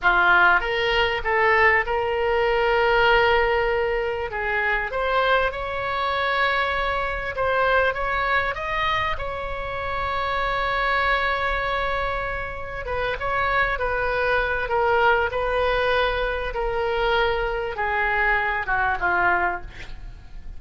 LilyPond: \new Staff \with { instrumentName = "oboe" } { \time 4/4 \tempo 4 = 98 f'4 ais'4 a'4 ais'4~ | ais'2. gis'4 | c''4 cis''2. | c''4 cis''4 dis''4 cis''4~ |
cis''1~ | cis''4 b'8 cis''4 b'4. | ais'4 b'2 ais'4~ | ais'4 gis'4. fis'8 f'4 | }